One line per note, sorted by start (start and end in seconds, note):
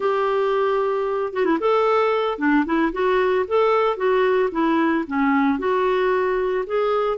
0.00 1.33 G4
1.33 1.45 F#4
1.45 1.58 E4
1.59 2.38 A4
2.38 2.64 D4
2.65 2.92 E4
2.92 3.45 F#4
3.47 3.96 A4
3.96 4.49 F#4
4.51 5.04 E4
5.07 5.58 C#4
5.58 6.64 F#4
6.66 7.17 G#4